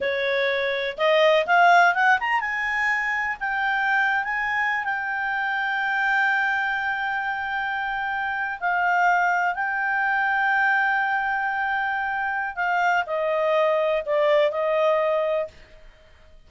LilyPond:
\new Staff \with { instrumentName = "clarinet" } { \time 4/4 \tempo 4 = 124 cis''2 dis''4 f''4 | fis''8 ais''8 gis''2 g''4~ | g''8. gis''4~ gis''16 g''2~ | g''1~ |
g''4.~ g''16 f''2 g''16~ | g''1~ | g''2 f''4 dis''4~ | dis''4 d''4 dis''2 | }